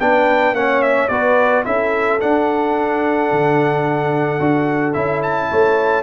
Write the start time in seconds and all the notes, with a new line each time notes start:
0.00 B3 D4 B4 G5
0.53 A#3 C#4 C#5 F#5
0.82 E5
1.08 B3 F#4 B4 D5
1.65 C#4 E4 A4 E5
2.21 D4 F#5
3.32 D3
4.40 D4 F#4
4.93 C#4 E4 E5
5.23 A5
5.50 A3 C#5